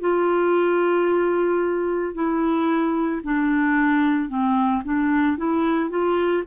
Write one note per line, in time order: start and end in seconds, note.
0.00 2.14 F4
2.14 3.21 E4
3.23 4.29 D4
4.29 4.82 C4
4.84 5.37 D4
5.37 5.90 E4
5.90 6.43 F4